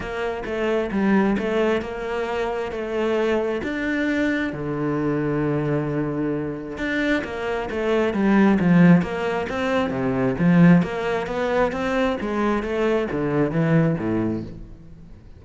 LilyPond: \new Staff \with { instrumentName = "cello" } { \time 4/4 \tempo 4 = 133 ais4 a4 g4 a4 | ais2 a2 | d'2 d2~ | d2. d'4 |
ais4 a4 g4 f4 | ais4 c'4 c4 f4 | ais4 b4 c'4 gis4 | a4 d4 e4 a,4 | }